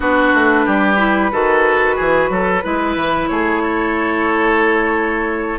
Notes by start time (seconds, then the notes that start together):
0.00 B3 D4 F#4 B4
0.34 A3
0.65 G3 G4
0.97 E4
1.32 D#3 F#4 A4
1.96 E3 G#4
2.29 F#3 A4
2.63 G#3 E4 B4
2.96 E3
3.27 A3 G#4 C#5
3.62 A4